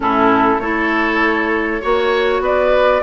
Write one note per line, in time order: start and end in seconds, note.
0.00 0.57 A2
0.00 0.59 C#4
0.00 0.61 E4
0.00 0.59 A4
0.59 1.80 A3
0.59 1.81 E4
0.59 1.81 A4
0.59 2.41 C#5
1.81 2.40 A#3
1.81 3.02 F#4
1.81 2.42 C#5
2.40 3.01 B3
2.40 3.02 B4
2.40 3.02 D5